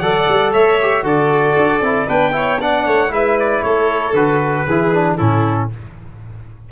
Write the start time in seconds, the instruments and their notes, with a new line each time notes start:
0.00 tuba F#3, trombone A4, violin D5, trumpet F#5
0.28 tuba G3
0.53 tuba A3, violin C#5, trumpet E5
0.82 trombone G4
1.03 tuba D3, trombone F#4, violin A4, trumpet D5
1.57 tuba D4
1.81 tuba C4, trombone E4
2.07 tuba B3, trombone D4, violin B4, trumpet G5
2.32 trombone E4, violin C#5
2.61 trombone D4, violin D5, trumpet F#5
2.86 tuba A3, violin C#5
3.09 tuba G#3, trombone E4, violin B4, trumpet E5
3.40 trumpet D5
3.63 tuba A3, violin A4, trumpet C#5
4.14 tuba D3, trombone F#4, trumpet B4
4.66 tuba E3, trombone E4, violin G#4
4.93 trombone D4
5.17 tuba A2, trombone C#4, violin E4, trumpet A4